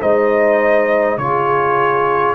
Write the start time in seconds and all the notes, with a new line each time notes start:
0.00 G#3 D#4 C5 D#5
1.17 C#3 F4 G#4 C#5